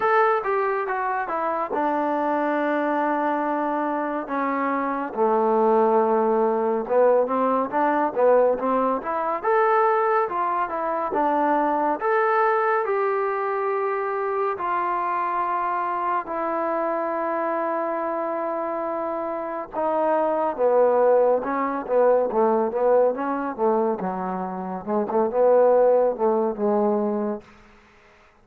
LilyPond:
\new Staff \with { instrumentName = "trombone" } { \time 4/4 \tempo 4 = 70 a'8 g'8 fis'8 e'8 d'2~ | d'4 cis'4 a2 | b8 c'8 d'8 b8 c'8 e'8 a'4 | f'8 e'8 d'4 a'4 g'4~ |
g'4 f'2 e'4~ | e'2. dis'4 | b4 cis'8 b8 a8 b8 cis'8 a8 | fis4 gis16 a16 b4 a8 gis4 | }